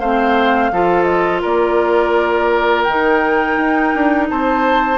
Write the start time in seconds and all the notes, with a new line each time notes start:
0.00 A3 C4 C5 F5
0.72 F3 F4 A4
1.04 D#5
1.42 A#3 A#4 D5
2.83 D#3 D#4 G5
3.58 D#4
3.95 D4
4.30 C4 C5 A5